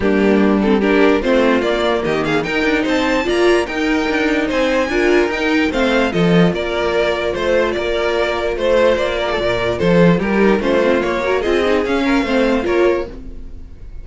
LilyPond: <<
  \new Staff \with { instrumentName = "violin" } { \time 4/4 \tempo 4 = 147 g'4. a'8 ais'4 c''4 | d''4 dis''8 f''8 g''4 a''4 | ais''4 g''2 gis''4~ | gis''4 g''4 f''4 dis''4 |
d''2 c''4 d''4~ | d''4 c''4 d''2 | c''4 ais'4 c''4 cis''4 | dis''4 f''2 cis''4 | }
  \new Staff \with { instrumentName = "violin" } { \time 4/4 d'2 g'4 f'4~ | f'4 g'8 gis'8 ais'4 c''4 | d''4 ais'2 c''4 | ais'2 c''4 a'4 |
ais'2 c''4 ais'4~ | ais'4 c''4. ais'16 a'16 ais'4 | a'4 g'4 f'4. ais'8 | gis'4. ais'8 c''4 ais'4 | }
  \new Staff \with { instrumentName = "viola" } { \time 4/4 ais4. c'8 d'4 c'4 | ais2 dis'2 | f'4 dis'2. | f'4 dis'4 c'4 f'4~ |
f'1~ | f'1~ | f'4. dis'8 cis'8 c'8 ais8 fis'8 | f'8 dis'8 cis'4 c'4 f'4 | }
  \new Staff \with { instrumentName = "cello" } { \time 4/4 g2. a4 | ais4 dis4 dis'8 d'8 c'4 | ais4 dis'4 d'4 c'4 | d'4 dis'4 a4 f4 |
ais2 a4 ais4~ | ais4 a4 ais4 ais,4 | f4 g4 a4 ais4 | c'4 cis'4 a4 ais4 | }
>>